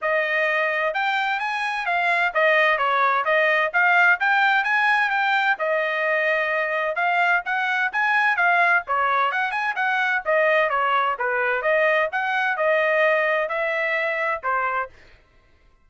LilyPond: \new Staff \with { instrumentName = "trumpet" } { \time 4/4 \tempo 4 = 129 dis''2 g''4 gis''4 | f''4 dis''4 cis''4 dis''4 | f''4 g''4 gis''4 g''4 | dis''2. f''4 |
fis''4 gis''4 f''4 cis''4 | fis''8 gis''8 fis''4 dis''4 cis''4 | b'4 dis''4 fis''4 dis''4~ | dis''4 e''2 c''4 | }